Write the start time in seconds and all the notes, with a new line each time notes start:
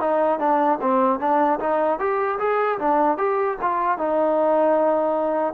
0.00 D#4
0.39 D4
0.81 C4
1.19 D4
1.60 D#4
1.99 G4
2.39 G#4
2.78 D4
3.18 G4
3.61 F4
3.98 D#4